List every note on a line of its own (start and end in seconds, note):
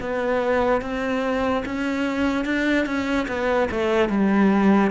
0.00 0.81 B3
0.81 1.63 C4
1.65 2.45 C#4
2.45 2.85 D4
2.85 3.27 C#4
3.27 3.68 B3
3.71 4.08 A3
4.08 4.91 G3